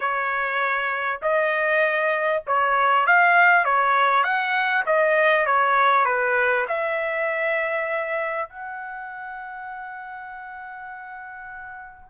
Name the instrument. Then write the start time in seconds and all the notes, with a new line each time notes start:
trumpet
0.00 C#5
1.21 D#5
2.46 C#5
3.06 F5
3.64 C#5
4.23 F#5
4.86 D#5
5.46 C#5
6.05 B4
6.67 E5
8.49 F#5